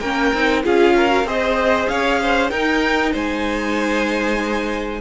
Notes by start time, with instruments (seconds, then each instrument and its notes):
0.00 cello A#3, viola C#4, violin A#4 G5
0.33 cello C4, viola D#4
0.64 cello C#4, viola F4, violin G#4 F5
0.96 violin A#4
1.09 viola F#4
1.24 cello C4, viola G#4, violin C5 D#5
1.88 cello C#4, violin C#5 F5
2.22 violin C5
2.50 viola D#4, cello D#4, violin A#4 G5
3.12 cello G#3, violin C5 G#5